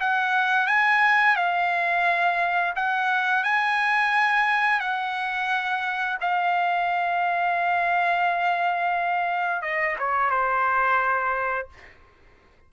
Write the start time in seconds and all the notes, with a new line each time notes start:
0.00 F#5
0.67 G#5
1.36 F5
2.76 F#5
3.43 G#5
4.80 F#5
6.21 F5
9.62 D#5
9.99 C#5
10.30 C5